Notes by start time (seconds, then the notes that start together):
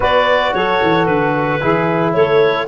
0.00 B3 F#4 B4 D5
0.53 F#3 A4 C#5
0.82 E3
1.05 D3 B4
1.60 E3 E4 G#4
2.13 A3 A4 C#5